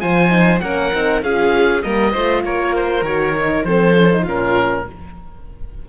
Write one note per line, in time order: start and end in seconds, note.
0.00 0.62 F3
0.00 0.29 F4
0.00 0.62 C5
0.00 0.60 G#5
0.29 0.59 D#4
0.60 0.92 A#3
0.60 0.93 C#4
0.60 1.24 A#4
0.60 1.21 F#5
0.93 1.22 C4
0.93 1.23 D#4
1.22 1.83 C#4
1.22 1.83 F4
1.22 1.84 G#4
1.22 1.82 F5
1.82 2.15 G3
1.82 2.13 A#3
1.82 2.12 A#4
1.82 2.43 D#5
2.12 2.44 A3
2.12 3.05 F4
2.12 2.42 C5
2.44 3.02 A#3
2.44 3.66 A#4
2.44 2.75 C#5
2.76 3.05 C5
3.02 3.62 D#3
3.02 3.36 F#4
3.02 3.64 C#5
3.36 3.66 D#4
3.64 4.26 F3
3.64 3.95 C4
3.64 4.23 A4
3.64 4.25 C5
3.95 4.10 C#4
4.11 4.26 D#4
4.23 4.86 A#2
4.23 4.87 C#4
4.23 4.83 F4
4.23 4.89 A#4